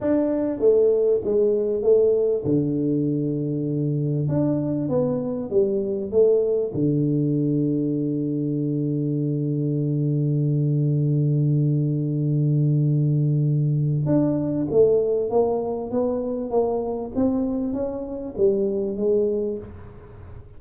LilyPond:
\new Staff \with { instrumentName = "tuba" } { \time 4/4 \tempo 4 = 98 d'4 a4 gis4 a4 | d2. d'4 | b4 g4 a4 d4~ | d1~ |
d1~ | d2. d'4 | a4 ais4 b4 ais4 | c'4 cis'4 g4 gis4 | }